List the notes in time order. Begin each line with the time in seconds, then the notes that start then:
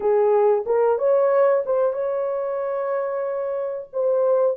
0.00 G#4
0.66 A#4
0.98 C#5
1.65 C5
1.92 C#5
3.92 C5